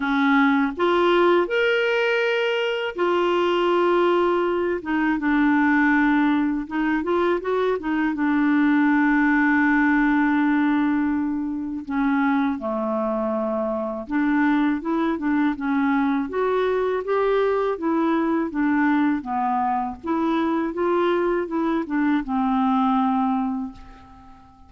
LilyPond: \new Staff \with { instrumentName = "clarinet" } { \time 4/4 \tempo 4 = 81 cis'4 f'4 ais'2 | f'2~ f'8 dis'8 d'4~ | d'4 dis'8 f'8 fis'8 dis'8 d'4~ | d'1 |
cis'4 a2 d'4 | e'8 d'8 cis'4 fis'4 g'4 | e'4 d'4 b4 e'4 | f'4 e'8 d'8 c'2 | }